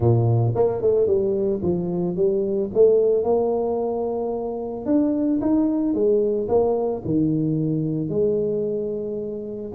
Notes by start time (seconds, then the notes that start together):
0.00 A#2
0.55 A#3
0.81 A3
1.07 G3
1.62 F3
2.16 G3
2.73 A3
3.23 A#3
4.85 D4
5.41 D#4
5.93 G#3
6.48 A#3
7.04 D#3
8.09 G#3